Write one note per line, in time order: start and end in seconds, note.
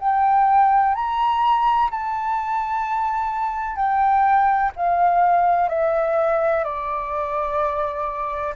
0.00 0.95 G5
0.95 1.90 A#5
1.91 3.77 A5
3.77 4.72 G5
4.77 5.69 F5
5.69 6.65 E5
6.65 8.55 D5